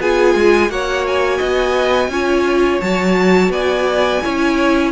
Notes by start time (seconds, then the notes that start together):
0.00 B3 F4 G#4 G#5
0.35 G#3
0.69 A#3 F#4 C#5 F#5
1.07 G#5
1.38 B3 D#5
2.09 C#4 F4 C#5
2.81 F#3 F#4 A5
3.49 B3 D5 G#5
4.24 C#4 E4 C#5